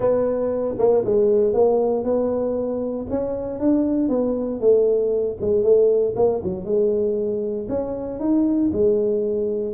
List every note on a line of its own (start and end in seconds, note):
0.00 0.75 B3
0.78 1.04 A#3
1.04 1.53 G#3
1.53 2.03 A#3
2.03 3.06 B3
3.10 3.59 C#4
3.59 4.09 D4
4.09 4.60 B3
4.60 5.37 A3
5.40 5.63 G#3
5.63 6.14 A3
6.15 6.41 A#3
6.43 6.64 F#3
6.64 7.67 G#3
7.68 8.19 C#4
8.19 8.70 D#4
8.72 9.74 G#3